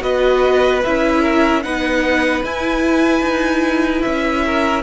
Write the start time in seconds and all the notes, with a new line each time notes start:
0.00 B3 F#4 B4 D#5
0.83 C#4 E4 E5
1.21 A#4
1.62 B3 D#4 B4 F#5
2.43 E4 G#5
3.21 D#4
4.02 C#4 E5
4.46 A#4